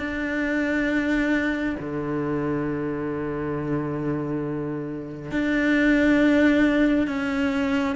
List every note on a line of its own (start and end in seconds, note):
0.00 1.76 D4
1.80 5.32 D3
5.32 7.08 D4
7.08 7.96 C#4